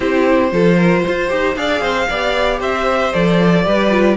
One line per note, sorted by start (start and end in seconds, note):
0.00 0.52 C4
0.00 0.51 E4
0.00 0.50 G4
0.00 1.55 C5
0.51 1.04 F3
0.51 1.28 F4
0.51 0.76 A4
0.76 1.02 A#4
1.06 1.31 F4
1.06 1.58 C5
1.28 1.56 D#4
1.28 1.55 G4
1.55 1.81 D4
1.55 2.08 G#4
1.55 1.82 D5
1.55 2.60 F5
1.81 2.07 C4
1.81 2.08 C5
2.08 2.60 B3
2.08 3.13 G4
2.08 2.59 D5
2.59 3.12 C4
2.59 3.63 C5
2.59 3.13 E5
3.13 3.66 F3
3.13 3.64 A4
3.13 4.17 D5
3.64 4.17 G3
3.64 3.90 G4
3.64 4.17 B4
3.90 4.16 F4